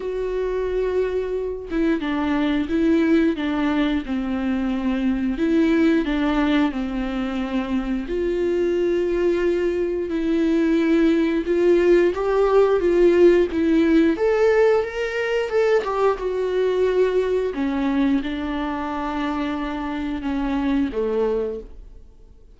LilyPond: \new Staff \with { instrumentName = "viola" } { \time 4/4 \tempo 4 = 89 fis'2~ fis'8 e'8 d'4 | e'4 d'4 c'2 | e'4 d'4 c'2 | f'2. e'4~ |
e'4 f'4 g'4 f'4 | e'4 a'4 ais'4 a'8 g'8 | fis'2 cis'4 d'4~ | d'2 cis'4 a4 | }